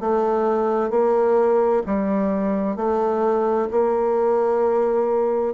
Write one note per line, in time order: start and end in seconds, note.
0.00 0.90 A3
0.90 1.83 A#3
1.86 2.76 G3
2.76 3.68 A3
3.71 5.54 A#3